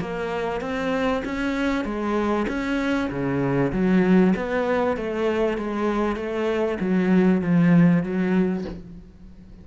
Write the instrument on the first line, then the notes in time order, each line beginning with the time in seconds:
cello
0.00 A#3
0.60 C4
1.24 C#4
1.84 G#3
2.47 C#4
3.10 C#3
3.72 F#3
4.36 B3
4.96 A3
5.57 G#3
6.16 A3
6.80 F#3
7.41 F3
8.03 F#3